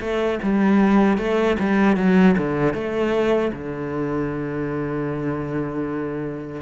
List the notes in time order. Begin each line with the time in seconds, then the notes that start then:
0.00 A3
0.43 G3
1.18 A3
1.59 G3
1.97 F#3
2.38 D3
2.74 A3
3.52 D3